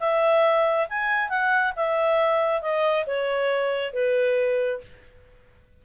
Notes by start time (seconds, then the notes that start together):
0.00 E5
0.89 G#5
1.29 F#5
1.76 E5
2.61 D#5
3.06 C#5
3.93 B4